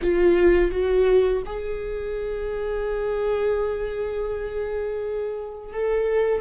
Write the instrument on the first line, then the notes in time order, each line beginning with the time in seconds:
viola
0.02 F4
0.71 F#4
1.45 G#4
5.73 A4